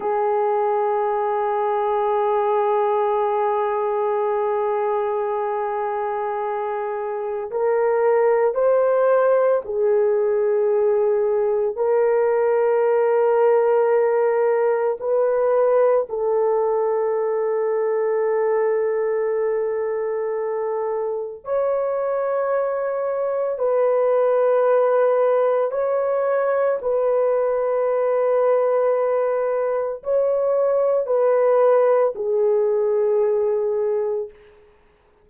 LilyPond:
\new Staff \with { instrumentName = "horn" } { \time 4/4 \tempo 4 = 56 gis'1~ | gis'2. ais'4 | c''4 gis'2 ais'4~ | ais'2 b'4 a'4~ |
a'1 | cis''2 b'2 | cis''4 b'2. | cis''4 b'4 gis'2 | }